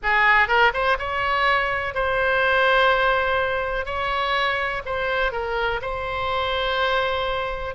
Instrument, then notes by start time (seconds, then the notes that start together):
oboe
0.02 G#4
0.48 A#4
0.73 C5
0.98 C#5
1.94 C5
3.85 C#5
4.85 C5
5.31 A#4
5.81 C5